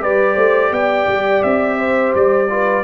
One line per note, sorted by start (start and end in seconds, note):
0.00 0.36 G3
0.00 2.47 G4
0.00 0.35 B4
0.00 0.73 D5
0.35 0.71 A3
0.35 0.70 C5
0.71 1.07 B3
0.71 1.79 D5
0.71 1.43 G5
1.07 1.43 G3
1.43 2.14 C4
1.43 2.13 E5
1.79 2.49 C5
2.15 2.84 G3
2.15 2.84 D5
2.50 2.84 F4
2.50 2.84 B4